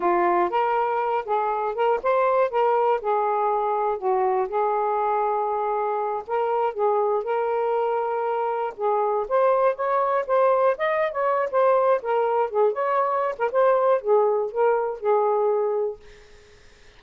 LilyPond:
\new Staff \with { instrumentName = "saxophone" } { \time 4/4 \tempo 4 = 120 f'4 ais'4. gis'4 ais'8 | c''4 ais'4 gis'2 | fis'4 gis'2.~ | gis'8 ais'4 gis'4 ais'4.~ |
ais'4. gis'4 c''4 cis''8~ | cis''8 c''4 dis''8. cis''8. c''4 | ais'4 gis'8 cis''4~ cis''16 ais'16 c''4 | gis'4 ais'4 gis'2 | }